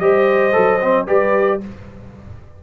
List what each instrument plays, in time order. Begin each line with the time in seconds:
0.00 tuba G3, trombone G4, horn C5, trumpet D#5
0.52 tuba F#3, trombone A4
0.81 trombone C4
1.07 tuba G3, trombone G4, horn B4, trumpet D5